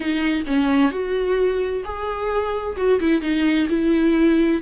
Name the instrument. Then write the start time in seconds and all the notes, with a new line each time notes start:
viola
0.00 D#4
0.46 C#4
0.91 F#4
1.84 G#4
2.76 F#4
3.00 E4
3.21 D#4
3.69 E4